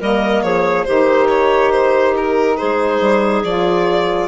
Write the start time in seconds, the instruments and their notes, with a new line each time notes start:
0.00 bassoon G3, saxophone A#3, clarinet A#4, violin D#5
0.43 bassoon F3, clarinet G#4, violin C#5
0.85 bassoon D#3, saxophone D#4, clarinet G4, violin C5
1.29 violin C#5
1.72 violin C5
2.17 violin A#4
2.57 bassoon G#3, clarinet G#4, violin C5
3.01 bassoon G3
3.43 bassoon F3, saxophone F4, violin D5